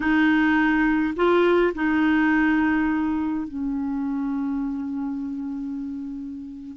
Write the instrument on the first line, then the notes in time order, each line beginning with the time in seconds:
clarinet
0.00 D#4
1.15 F4
1.74 D#4
3.47 C#4